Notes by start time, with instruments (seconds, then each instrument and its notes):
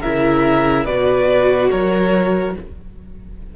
0.00 cello C#3, viola E4, violin A#4 E5
0.85 cello B2, viola F#4, violin B4 D5
1.70 cello F#3, violin A#4 C#5